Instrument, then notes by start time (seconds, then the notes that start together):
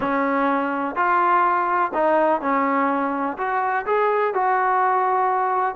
trombone
0.00 C#4
0.95 F4
1.94 D#4
2.41 C#4
3.37 F#4
3.86 G#4
4.34 F#4